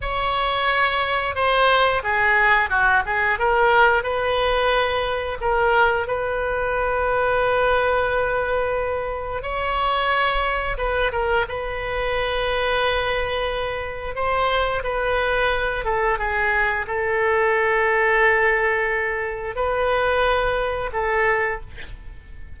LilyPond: \new Staff \with { instrumentName = "oboe" } { \time 4/4 \tempo 4 = 89 cis''2 c''4 gis'4 | fis'8 gis'8 ais'4 b'2 | ais'4 b'2.~ | b'2 cis''2 |
b'8 ais'8 b'2.~ | b'4 c''4 b'4. a'8 | gis'4 a'2.~ | a'4 b'2 a'4 | }